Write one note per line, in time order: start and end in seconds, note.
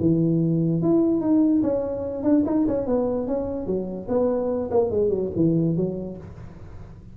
0.00 0.82 E3
0.82 1.21 E4
1.21 1.62 D#4
1.63 2.23 C#4
2.23 2.44 D4
2.45 2.66 D#4
2.67 2.86 C#4
2.86 3.27 B3
3.27 3.66 C#4
3.66 4.07 F#3
4.08 4.70 B3
4.71 4.90 A#3
4.90 5.09 G#3
5.09 5.30 F#3
5.36 5.76 E3
5.76 6.17 F#3